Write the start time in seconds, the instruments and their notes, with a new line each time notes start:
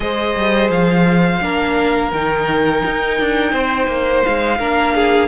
0.00 cello G#3, viola G#4, violin C5 D#5
0.35 cello G3
0.70 cello F3, violin F5
1.40 cello A#3, viola D4, violin A#4
2.12 cello D#3, viola D#4, violin G5
2.85 cello D#4
3.20 cello D4
3.52 cello C4, violin C5
3.87 cello A#3
4.24 cello G#3, violin F5
4.58 cello A#3, viola D4, violin A#4
4.94 violin G#4